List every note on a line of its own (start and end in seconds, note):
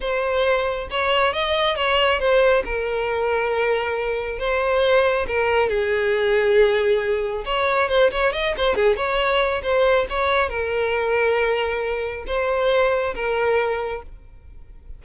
0.00 0.88 C5
0.90 1.33 C#5
1.33 1.76 D#5
1.76 2.19 C#5
2.19 2.63 C5
2.64 4.39 A#4
4.39 5.26 C5
5.27 5.69 A#4
5.69 7.44 G#4
7.45 7.88 C#5
7.89 8.10 C5
8.11 8.33 C#5
8.33 8.54 D#5
8.57 8.75 C5
8.75 8.96 G#4
8.96 9.62 C#5
9.62 10.06 C5
10.09 10.49 C#5
10.49 12.24 A#4
12.26 13.14 C5
13.14 14.02 A#4